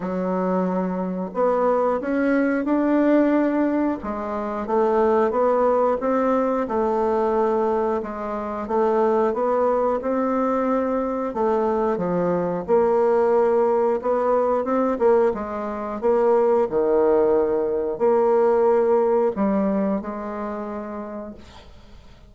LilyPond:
\new Staff \with { instrumentName = "bassoon" } { \time 4/4 \tempo 4 = 90 fis2 b4 cis'4 | d'2 gis4 a4 | b4 c'4 a2 | gis4 a4 b4 c'4~ |
c'4 a4 f4 ais4~ | ais4 b4 c'8 ais8 gis4 | ais4 dis2 ais4~ | ais4 g4 gis2 | }